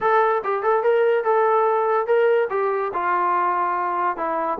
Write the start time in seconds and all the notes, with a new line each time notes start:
0.01 A4
0.44 G4
0.62 A4
0.83 A#4
1.24 A4
2.06 A#4
2.50 G4
2.93 F4
4.16 E4